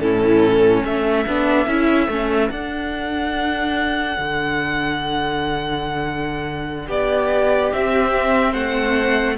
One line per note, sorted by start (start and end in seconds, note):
0.00 0.83 A2
0.00 1.26 C#4
0.00 0.85 E4
0.00 0.84 A4
0.84 1.26 A3
0.84 6.87 A4
0.84 2.50 E5
1.28 1.67 B3
1.28 1.68 D4
1.67 2.08 C#4
1.67 2.09 E4
2.08 2.50 A3
2.08 2.51 C#4
2.50 4.17 D4
2.50 7.72 D4
2.50 6.87 F#5
4.18 6.89 D3
6.87 7.72 B3
6.87 8.52 G4
6.87 7.73 D5
7.72 9.38 C4
7.72 8.55 C4
7.72 8.54 E5
8.52 9.38 A3
8.52 9.35 C5
8.52 9.37 F#5